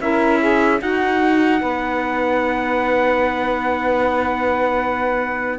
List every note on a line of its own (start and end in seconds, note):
0.00 0.80 C#4
0.00 0.80 E4
0.00 0.39 A#4
0.00 0.81 E5
0.39 0.79 G#4
0.79 5.58 D#4
0.79 1.61 D#4
0.79 1.59 F#4
0.79 5.58 F#5
1.61 5.58 B3
1.61 5.58 B4